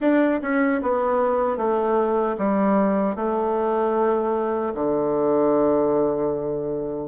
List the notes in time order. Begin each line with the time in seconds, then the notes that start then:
0.00 D4
0.42 C#4
0.81 B3
1.57 A3
2.38 G3
3.15 A3
4.74 D3